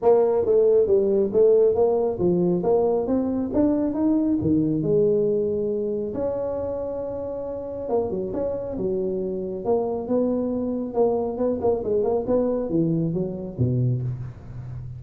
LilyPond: \new Staff \with { instrumentName = "tuba" } { \time 4/4 \tempo 4 = 137 ais4 a4 g4 a4 | ais4 f4 ais4 c'4 | d'4 dis'4 dis4 gis4~ | gis2 cis'2~ |
cis'2 ais8 fis8 cis'4 | fis2 ais4 b4~ | b4 ais4 b8 ais8 gis8 ais8 | b4 e4 fis4 b,4 | }